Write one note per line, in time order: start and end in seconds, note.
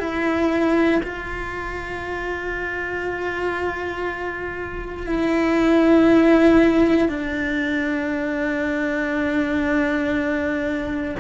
0.00 1.02 E4
1.04 5.07 F4
5.07 7.09 E4
7.09 11.16 D4